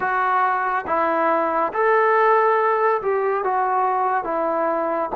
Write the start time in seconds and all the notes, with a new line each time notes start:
0.00 F#4
0.86 E4
1.73 A4
3.02 G4
3.44 F#4
4.24 E4